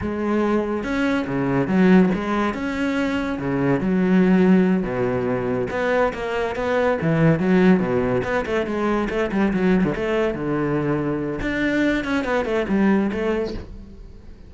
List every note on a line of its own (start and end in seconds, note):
0.01 0.83 G#3
0.83 1.25 C#4
1.27 1.67 C#3
1.67 2.09 F#3
2.14 2.54 G#3
2.54 3.38 C#4
3.39 3.80 C#3
3.80 4.83 F#3
4.83 5.67 B2
5.70 6.12 B3
6.13 6.55 A#3
6.55 6.98 B3
7.01 7.39 E3
7.39 7.79 F#3
7.79 8.21 B2
8.24 8.45 B3
8.45 8.66 A3
8.66 9.08 G#3
9.09 9.30 A3
9.31 9.52 G3
9.53 9.84 F#3
9.84 9.94 D3
9.95 10.34 A3
10.34 11.40 D3
11.41 12.04 D4
12.04 12.24 C#4
12.24 12.45 B3
12.45 12.66 A3
12.68 13.10 G3
13.12 13.54 A3